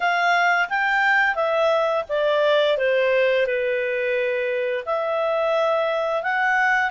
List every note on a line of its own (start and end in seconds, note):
0.00 0.68 F5
0.69 1.34 G5
1.34 2.03 E5
2.08 2.77 D5
2.77 3.46 C5
3.46 4.84 B4
4.85 6.22 E5
6.22 6.90 F#5